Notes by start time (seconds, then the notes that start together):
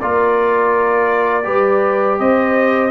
0.00 A#3 F4 A#4 D5
1.43 G3 G4 B4
2.19 C4 C5 D#5